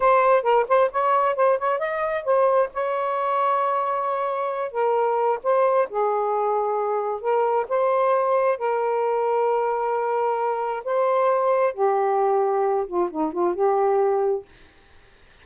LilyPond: \new Staff \with { instrumentName = "saxophone" } { \time 4/4 \tempo 4 = 133 c''4 ais'8 c''8 cis''4 c''8 cis''8 | dis''4 c''4 cis''2~ | cis''2~ cis''8 ais'4. | c''4 gis'2. |
ais'4 c''2 ais'4~ | ais'1 | c''2 g'2~ | g'8 f'8 dis'8 f'8 g'2 | }